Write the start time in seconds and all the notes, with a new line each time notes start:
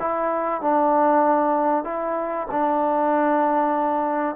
0.00 E4
0.61 D4
1.84 E4
2.51 D4